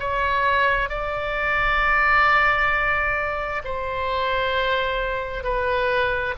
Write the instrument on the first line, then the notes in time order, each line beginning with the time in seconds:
oboe
0.00 C#5
0.90 D5
3.65 C5
5.44 B4